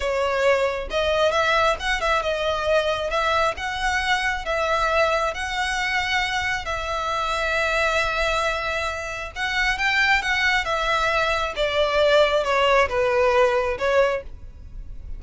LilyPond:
\new Staff \with { instrumentName = "violin" } { \time 4/4 \tempo 4 = 135 cis''2 dis''4 e''4 | fis''8 e''8 dis''2 e''4 | fis''2 e''2 | fis''2. e''4~ |
e''1~ | e''4 fis''4 g''4 fis''4 | e''2 d''2 | cis''4 b'2 cis''4 | }